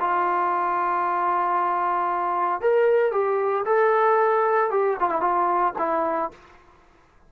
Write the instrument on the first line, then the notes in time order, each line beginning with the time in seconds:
trombone
0.00 F4
2.61 A#4
3.11 G4
3.65 A4
4.70 G4
5.00 F4
5.09 E4
5.20 F4
5.78 E4